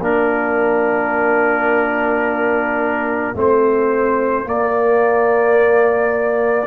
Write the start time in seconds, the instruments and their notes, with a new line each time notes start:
0.00 tuba A#3, trombone D4, horn F4, trumpet A#4
3.34 tuba A3, trombone C4, trumpet C5
4.44 trombone A#3, tuba A#3, trumpet D5